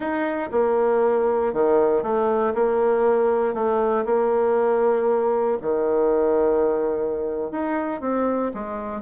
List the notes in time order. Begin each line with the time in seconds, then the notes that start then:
0.00 D#4
0.51 A#3
1.53 D#3
2.02 A3
2.54 A#3
3.53 A3
4.05 A#3
5.61 D#3
7.51 D#4
8.00 C4
8.54 G#3